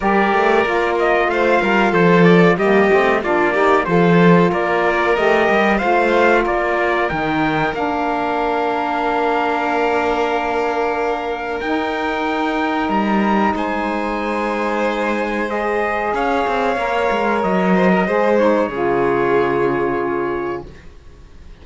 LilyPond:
<<
  \new Staff \with { instrumentName = "trumpet" } { \time 4/4 \tempo 4 = 93 d''4. dis''8 f''4 c''8 d''8 | dis''4 d''4 c''4 d''4 | dis''4 f''4 d''4 g''4 | f''1~ |
f''2 g''2 | ais''4 gis''2. | dis''4 f''2 dis''4~ | dis''8 cis''2.~ cis''8 | }
  \new Staff \with { instrumentName = "violin" } { \time 4/4 ais'2 c''8 ais'8 a'4 | g'4 f'8 g'8 a'4 ais'4~ | ais'4 c''4 ais'2~ | ais'1~ |
ais'1~ | ais'4 c''2.~ | c''4 cis''2~ cis''8 c''16 ais'16 | c''4 gis'2. | }
  \new Staff \with { instrumentName = "saxophone" } { \time 4/4 g'4 f'2. | ais8 c'8 d'8 dis'8 f'2 | g'4 f'2 dis'4 | d'1~ |
d'2 dis'2~ | dis'1 | gis'2 ais'2 | gis'8 dis'8 f'2. | }
  \new Staff \with { instrumentName = "cello" } { \time 4/4 g8 a8 ais4 a8 g8 f4 | g8 a8 ais4 f4 ais4 | a8 g8 a4 ais4 dis4 | ais1~ |
ais2 dis'2 | g4 gis2.~ | gis4 cis'8 c'8 ais8 gis8 fis4 | gis4 cis2. | }
>>